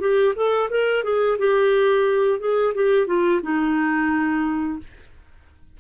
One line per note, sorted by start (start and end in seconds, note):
0.00 0.34 G4
0.36 0.70 A4
0.70 1.04 A#4
1.04 1.38 G#4
1.39 2.40 G4
2.40 2.74 G#4
2.75 3.07 G4
3.07 3.41 F4
3.43 4.79 D#4